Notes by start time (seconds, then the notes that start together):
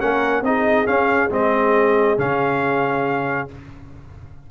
0.00 A#3 C#4 A#4 F#5
0.42 C4 D#4 G#4 D#5
0.87 C#4 F5
1.31 G#3 C4 D#5
2.18 C#3 C#4 F5